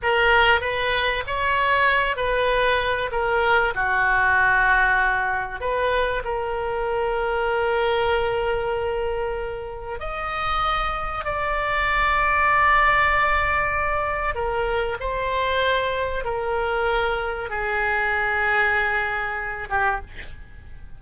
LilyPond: \new Staff \with { instrumentName = "oboe" } { \time 4/4 \tempo 4 = 96 ais'4 b'4 cis''4. b'8~ | b'4 ais'4 fis'2~ | fis'4 b'4 ais'2~ | ais'1 |
dis''2 d''2~ | d''2. ais'4 | c''2 ais'2 | gis'2.~ gis'8 g'8 | }